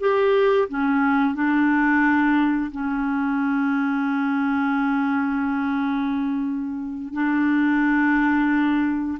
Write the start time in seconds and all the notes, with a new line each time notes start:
0.00 G4
0.69 C#4
1.35 D4
2.71 C#4
7.13 D4